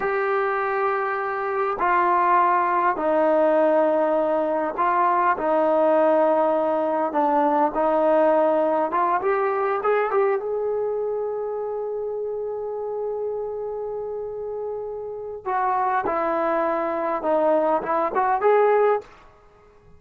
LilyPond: \new Staff \with { instrumentName = "trombone" } { \time 4/4 \tempo 4 = 101 g'2. f'4~ | f'4 dis'2. | f'4 dis'2. | d'4 dis'2 f'8 g'8~ |
g'8 gis'8 g'8 gis'2~ gis'8~ | gis'1~ | gis'2 fis'4 e'4~ | e'4 dis'4 e'8 fis'8 gis'4 | }